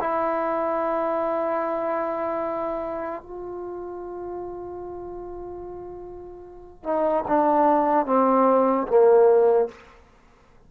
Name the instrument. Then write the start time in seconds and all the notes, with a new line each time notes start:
trombone
0.00 E4
3.22 F4
6.84 D#4
7.28 D4
8.06 C4
8.87 A#3